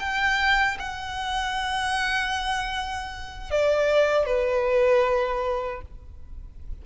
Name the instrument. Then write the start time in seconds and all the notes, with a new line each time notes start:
violin
0.00 G5
0.80 F#5
3.51 D5
4.26 B4